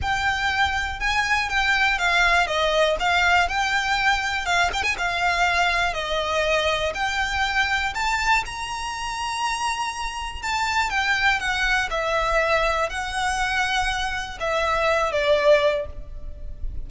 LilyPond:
\new Staff \with { instrumentName = "violin" } { \time 4/4 \tempo 4 = 121 g''2 gis''4 g''4 | f''4 dis''4 f''4 g''4~ | g''4 f''8 g''16 gis''16 f''2 | dis''2 g''2 |
a''4 ais''2.~ | ais''4 a''4 g''4 fis''4 | e''2 fis''2~ | fis''4 e''4. d''4. | }